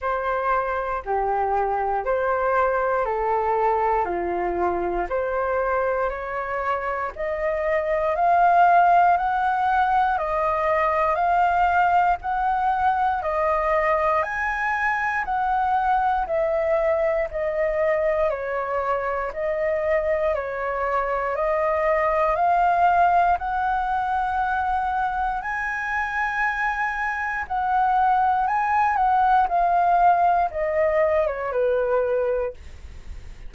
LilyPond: \new Staff \with { instrumentName = "flute" } { \time 4/4 \tempo 4 = 59 c''4 g'4 c''4 a'4 | f'4 c''4 cis''4 dis''4 | f''4 fis''4 dis''4 f''4 | fis''4 dis''4 gis''4 fis''4 |
e''4 dis''4 cis''4 dis''4 | cis''4 dis''4 f''4 fis''4~ | fis''4 gis''2 fis''4 | gis''8 fis''8 f''4 dis''8. cis''16 b'4 | }